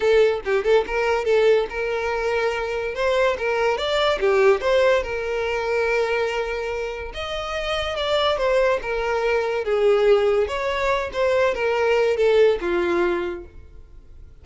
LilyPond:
\new Staff \with { instrumentName = "violin" } { \time 4/4 \tempo 4 = 143 a'4 g'8 a'8 ais'4 a'4 | ais'2. c''4 | ais'4 d''4 g'4 c''4 | ais'1~ |
ais'4 dis''2 d''4 | c''4 ais'2 gis'4~ | gis'4 cis''4. c''4 ais'8~ | ais'4 a'4 f'2 | }